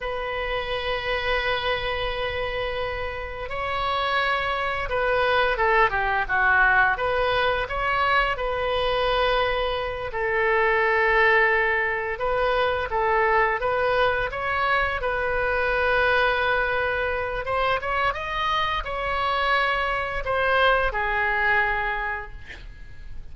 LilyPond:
\new Staff \with { instrumentName = "oboe" } { \time 4/4 \tempo 4 = 86 b'1~ | b'4 cis''2 b'4 | a'8 g'8 fis'4 b'4 cis''4 | b'2~ b'8 a'4.~ |
a'4. b'4 a'4 b'8~ | b'8 cis''4 b'2~ b'8~ | b'4 c''8 cis''8 dis''4 cis''4~ | cis''4 c''4 gis'2 | }